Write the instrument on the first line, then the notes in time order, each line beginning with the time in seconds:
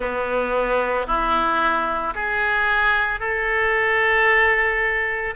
oboe
0.00 B3
1.07 E4
2.14 G#4
3.19 A4